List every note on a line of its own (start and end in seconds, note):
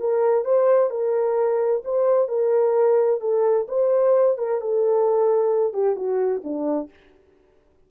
0.00 0.45 A#4
0.45 0.91 C5
0.91 1.83 A#4
1.85 2.28 C5
2.28 3.21 A#4
3.21 3.67 A4
3.69 4.38 C5
4.38 4.61 A#4
4.62 5.74 A4
5.74 5.96 G4
5.96 6.42 F#4
6.44 6.90 D4